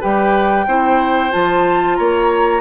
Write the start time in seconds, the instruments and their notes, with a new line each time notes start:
0.00 bassoon G3, clarinet G4, oboe B4, flute G5
0.67 bassoon C4, clarinet E4, oboe C5
1.31 bassoon F3, clarinet F4, flute A5
1.96 bassoon A#3, oboe C#5, flute A#5